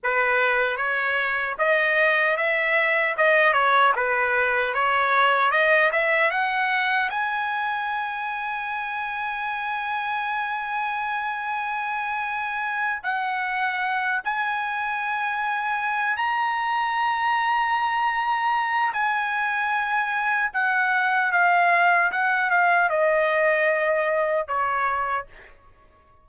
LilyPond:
\new Staff \with { instrumentName = "trumpet" } { \time 4/4 \tempo 4 = 76 b'4 cis''4 dis''4 e''4 | dis''8 cis''8 b'4 cis''4 dis''8 e''8 | fis''4 gis''2.~ | gis''1~ |
gis''8 fis''4. gis''2~ | gis''8 ais''2.~ ais''8 | gis''2 fis''4 f''4 | fis''8 f''8 dis''2 cis''4 | }